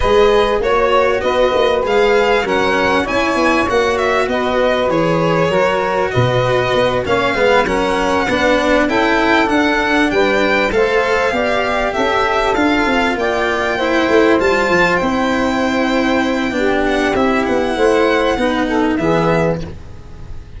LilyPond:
<<
  \new Staff \with { instrumentName = "violin" } { \time 4/4 \tempo 4 = 98 dis''4 cis''4 dis''4 f''4 | fis''4 gis''4 fis''8 e''8 dis''4 | cis''2 dis''4. f''8~ | f''8 fis''2 g''4 fis''8~ |
fis''8 g''4 f''2 e''8~ | e''8 f''4 g''2 a''8~ | a''8 g''2. fis''8 | e''8 fis''2~ fis''8 e''4 | }
  \new Staff \with { instrumentName = "saxophone" } { \time 4/4 b'4 cis''4 b'2 | ais'4 cis''2 b'4~ | b'4 ais'4 b'4. cis''8 | b'8 ais'4 b'4 a'4.~ |
a'8 b'4 c''4 d''4 a'8~ | a'4. d''4 c''4.~ | c''2. g'4~ | g'4 c''4 b'8 a'8 gis'4 | }
  \new Staff \with { instrumentName = "cello" } { \time 4/4 gis'4 fis'2 gis'4 | cis'4 e'4 fis'2 | gis'4 fis'2~ fis'8 cis'8 | b8 cis'4 d'4 e'4 d'8~ |
d'4. a'4 g'4.~ | g'8 f'2 e'4 f'8~ | f'8 e'2~ e'8 d'4 | e'2 dis'4 b4 | }
  \new Staff \with { instrumentName = "tuba" } { \time 4/4 gis4 ais4 b8 ais8 gis4 | fis4 cis'8 b8 ais4 b4 | e4 fis4 b,4 b8 ais8 | gis8 fis4 b4 cis'4 d'8~ |
d'8 g4 a4 b4 cis'8~ | cis'8 d'8 c'8 ais4. a8 g8 | f8 c'2~ c'8 b4 | c'8 b8 a4 b4 e4 | }
>>